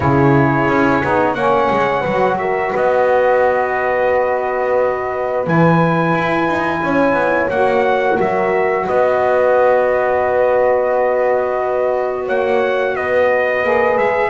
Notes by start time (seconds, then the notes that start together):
0.00 C#3 E4 G#4 C#5
0.68 C#4
1.02 B3 D#4
1.34 A#3 C#4 C#5 F#5
1.70 G#3
2.01 F#3 F#4 B4
2.38 A#4 E5
2.69 B3 B4
2.76 D#5
5.44 E3 E4 G#5
6.13 E4
6.47 D#4
6.83 C#4 C#5
7.13 B3
7.49 A#3 F#4 F#5
8.19 F#3 A#4 E5
8.85 B3 B4 D#5
12.25 A#3 C#5 F#5
12.95 B3 B4 D#5
13.63 A#3 G#4
13.97 G#3 E5